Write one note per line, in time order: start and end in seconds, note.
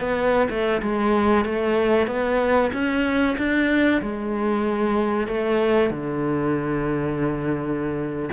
0.00 0.48 B3
0.49 0.81 A3
0.81 1.44 G#3
1.44 2.07 A3
2.07 2.71 B3
2.72 3.36 C#4
3.37 4.01 D4
4.02 5.27 G#3
5.27 5.90 A3
5.90 8.29 D3